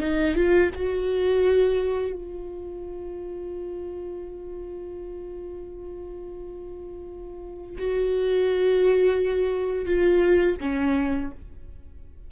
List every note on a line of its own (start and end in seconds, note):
0.00 0.35 D#4
0.35 0.71 F4
0.75 2.13 F#4
2.13 7.78 F4
7.78 9.86 F#4
9.86 10.57 F4
10.61 11.32 C#4